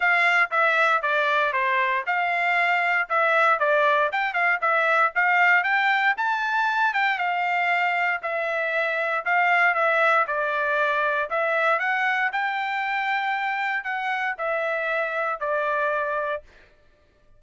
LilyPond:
\new Staff \with { instrumentName = "trumpet" } { \time 4/4 \tempo 4 = 117 f''4 e''4 d''4 c''4 | f''2 e''4 d''4 | g''8 f''8 e''4 f''4 g''4 | a''4. g''8 f''2 |
e''2 f''4 e''4 | d''2 e''4 fis''4 | g''2. fis''4 | e''2 d''2 | }